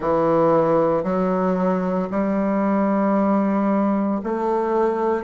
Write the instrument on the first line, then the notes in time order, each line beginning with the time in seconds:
bassoon
0.00 E3
1.03 F#3
2.11 G3
4.23 A3